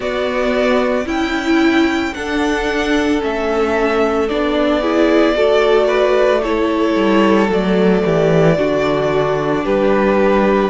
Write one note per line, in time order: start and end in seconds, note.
0.00 1.04 B3
0.00 1.06 B3
0.00 1.05 F#4
0.00 1.07 D5
1.05 2.13 C#4
1.05 2.12 E4
1.05 2.13 E4
1.05 2.14 G5
2.14 3.20 D4
2.14 3.23 D4
2.14 4.80 A4
2.14 3.21 F#5
3.20 4.30 A3
3.20 4.27 C#4
3.20 4.29 E5
4.29 5.37 B3
4.29 4.82 D4
4.29 6.43 D5
4.80 5.34 E4
4.80 5.34 G#4
5.34 6.95 A3
5.34 6.42 F#4
5.34 5.87 A4
5.87 6.41 B4
6.42 7.49 E4
6.42 8.03 A4
6.42 7.50 C#5
6.95 7.48 G3
7.48 8.02 F#3
7.48 8.56 A3
7.48 9.65 D5
8.05 8.58 E3
8.05 8.57 G4
8.56 9.65 D3
8.56 10.70 D4
8.56 9.64 F#4
9.64 10.70 G3
9.64 10.70 G4
9.64 10.70 B4